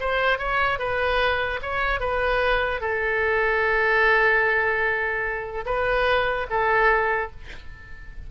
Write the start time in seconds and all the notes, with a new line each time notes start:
0.00 C5
0.39 C#5
0.79 B4
1.62 C#5
2.00 B4
2.81 A4
5.66 B4
6.50 A4